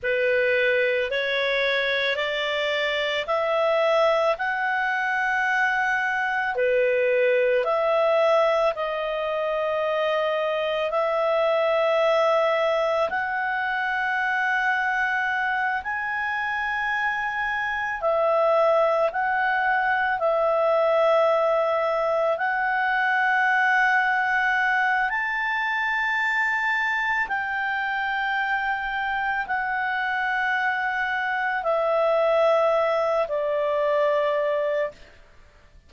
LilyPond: \new Staff \with { instrumentName = "clarinet" } { \time 4/4 \tempo 4 = 55 b'4 cis''4 d''4 e''4 | fis''2 b'4 e''4 | dis''2 e''2 | fis''2~ fis''8 gis''4.~ |
gis''8 e''4 fis''4 e''4.~ | e''8 fis''2~ fis''8 a''4~ | a''4 g''2 fis''4~ | fis''4 e''4. d''4. | }